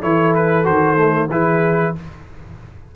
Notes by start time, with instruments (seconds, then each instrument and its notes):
0.00 tuba E3, trombone E4, horn A4, trumpet C#5
0.35 trumpet B4
0.64 tuba D#3, trombone F#4, trumpet C5
0.96 trombone A3
1.30 tuba E3, trombone E4, horn G#4, trumpet B4